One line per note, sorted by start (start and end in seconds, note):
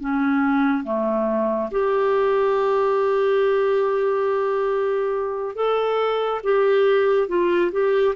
0.00 0.83 C#4
0.83 1.69 A3
1.71 5.55 G4
5.55 6.41 A4
6.43 7.28 G4
7.28 7.71 F4
7.71 8.14 G4